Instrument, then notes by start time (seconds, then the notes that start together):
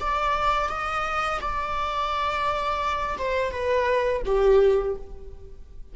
viola
0.00 D5
0.69 D#5
1.41 D5
3.18 C5
3.51 B4
4.25 G4